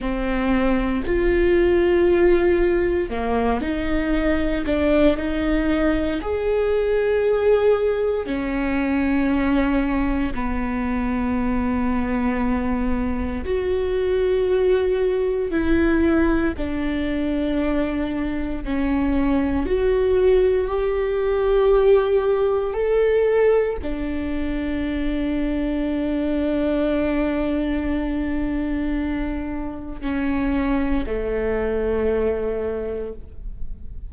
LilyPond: \new Staff \with { instrumentName = "viola" } { \time 4/4 \tempo 4 = 58 c'4 f'2 ais8 dis'8~ | dis'8 d'8 dis'4 gis'2 | cis'2 b2~ | b4 fis'2 e'4 |
d'2 cis'4 fis'4 | g'2 a'4 d'4~ | d'1~ | d'4 cis'4 a2 | }